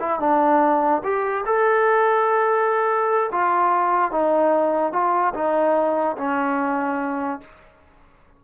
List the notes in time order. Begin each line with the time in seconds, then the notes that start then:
0.00 E4
0.20 D4
1.04 G4
1.46 A4
3.32 F4
4.12 D#4
4.93 F4
5.34 D#4
6.18 C#4